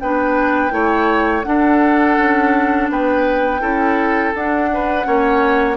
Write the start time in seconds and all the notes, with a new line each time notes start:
0.00 B3 D4 B4 G5
0.70 A3 E4 C#5
1.43 D4 A4 F#5
2.17 C#4
2.90 B3 B4 G5
3.60 C#4 E4 A4
4.34 D4 F#5
4.73 B4
5.03 A#3 C#4 C#5